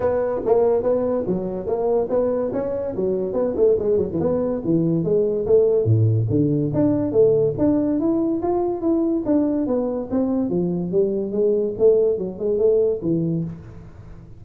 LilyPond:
\new Staff \with { instrumentName = "tuba" } { \time 4/4 \tempo 4 = 143 b4 ais4 b4 fis4 | ais4 b4 cis'4 fis4 | b8 a8 gis8 fis16 e16 b4 e4 | gis4 a4 a,4 d4 |
d'4 a4 d'4 e'4 | f'4 e'4 d'4 b4 | c'4 f4 g4 gis4 | a4 fis8 gis8 a4 e4 | }